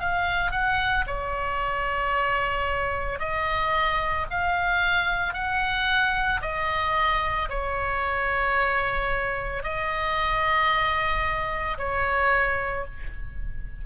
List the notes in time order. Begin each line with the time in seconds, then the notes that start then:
0.00 F5
0.51 F#5
1.07 C#5
3.19 D#5
4.31 F5
5.34 F#5
6.42 D#5
7.50 C#5
9.64 D#5
11.78 C#5